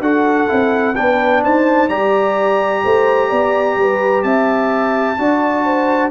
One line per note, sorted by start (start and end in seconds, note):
0.00 0.47 D4
0.00 0.47 F#4
0.00 0.96 A4
0.00 0.95 F#5
0.47 0.98 C4
0.47 0.94 E4
0.95 1.44 B3
0.95 1.89 D4
0.95 1.43 B4
0.95 1.42 G5
1.43 1.88 D#4
1.43 1.89 C5
1.43 1.89 A5
1.88 2.82 G3
1.88 5.17 G4
1.88 2.82 D5
1.88 4.23 A#5
2.84 3.31 A3
2.84 3.29 C5
3.29 3.76 B3
3.29 3.75 D5
3.76 4.23 G3
3.76 4.25 B4
4.23 5.17 C4
4.23 5.19 E5
4.23 6.10 A5
5.18 6.11 D4
5.18 6.11 F#4
5.18 5.65 D5
5.65 6.11 C5